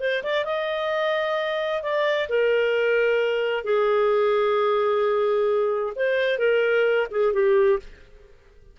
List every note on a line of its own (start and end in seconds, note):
0.00 0.23 C5
0.23 0.45 D5
0.45 1.82 D#5
1.82 2.28 D5
2.29 3.64 A#4
3.64 5.93 G#4
5.96 6.38 C5
6.38 7.07 A#4
7.11 7.33 G#4
7.33 7.79 G4